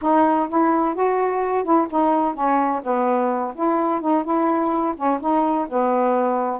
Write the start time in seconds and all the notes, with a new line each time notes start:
0.01 D#4
0.49 E4
0.94 F#4
1.63 E4
1.90 D#4
2.34 C#4
2.83 B3
3.55 E4
4.01 D#4
4.23 E4
4.96 C#4
5.20 D#4
5.68 B3